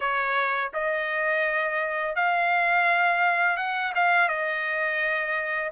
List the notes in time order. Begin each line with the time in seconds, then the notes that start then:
0.00 C#5
0.73 D#5
2.15 F5
3.56 F#5
3.94 F5
4.28 D#5